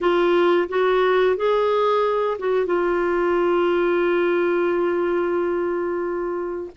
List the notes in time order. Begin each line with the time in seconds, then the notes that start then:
0.00 F4
0.69 F#4
1.36 G#4
2.38 F#4
2.66 F4